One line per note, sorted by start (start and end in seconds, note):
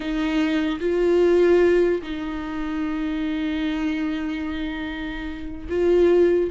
0.00 0.79 D#4
0.79 2.01 F4
2.02 5.67 D#4
5.69 6.50 F4